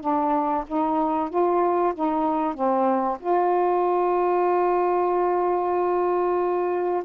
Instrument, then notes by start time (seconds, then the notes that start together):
saxophone
0.00 D4
0.67 D#4
1.29 F4
1.94 D#4
2.54 C4
3.20 F4